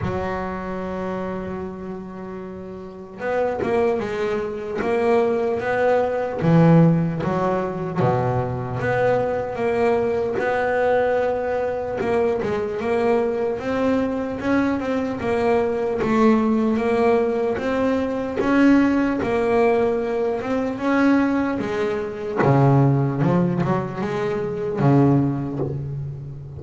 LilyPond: \new Staff \with { instrumentName = "double bass" } { \time 4/4 \tempo 4 = 75 fis1 | b8 ais8 gis4 ais4 b4 | e4 fis4 b,4 b4 | ais4 b2 ais8 gis8 |
ais4 c'4 cis'8 c'8 ais4 | a4 ais4 c'4 cis'4 | ais4. c'8 cis'4 gis4 | cis4 f8 fis8 gis4 cis4 | }